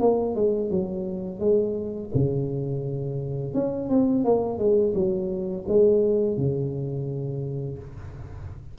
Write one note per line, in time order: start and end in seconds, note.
0.00 0.35 A#3
0.35 0.70 G#3
0.70 1.39 F#3
1.39 2.10 G#3
2.14 3.54 C#3
3.54 3.89 C#4
3.89 4.24 C4
4.24 4.58 A#3
4.58 4.93 G#3
4.94 5.65 F#3
5.68 6.37 G#3
6.37 7.78 C#3